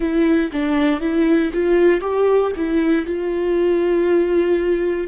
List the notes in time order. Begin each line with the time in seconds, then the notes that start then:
0.00 E4
0.51 D4
1.00 E4
1.53 F4
2.01 G4
2.56 E4
3.06 F4